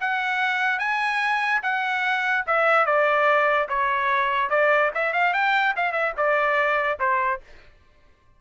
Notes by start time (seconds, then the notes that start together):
0.00 F#5
0.79 G#5
1.63 F#5
2.46 E5
2.86 D5
3.68 C#5
4.50 D5
4.94 E5
5.13 F5
5.33 G5
5.76 F5
5.92 E5
6.17 D5
6.99 C5